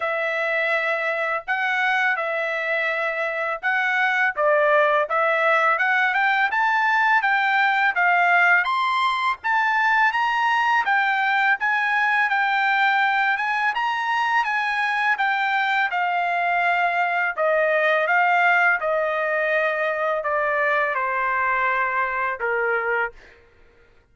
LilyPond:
\new Staff \with { instrumentName = "trumpet" } { \time 4/4 \tempo 4 = 83 e''2 fis''4 e''4~ | e''4 fis''4 d''4 e''4 | fis''8 g''8 a''4 g''4 f''4 | c'''4 a''4 ais''4 g''4 |
gis''4 g''4. gis''8 ais''4 | gis''4 g''4 f''2 | dis''4 f''4 dis''2 | d''4 c''2 ais'4 | }